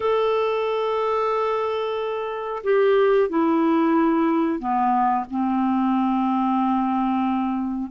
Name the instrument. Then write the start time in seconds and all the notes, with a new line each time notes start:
clarinet
0.00 A4
2.63 G4
3.29 E4
4.59 B3
5.30 C4